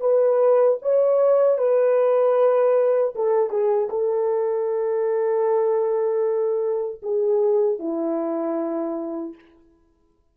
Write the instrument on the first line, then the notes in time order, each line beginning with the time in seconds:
horn
0.00 B4
0.82 C#5
1.58 B4
3.15 A4
3.50 G#4
3.89 A4
7.02 G#4
7.79 E4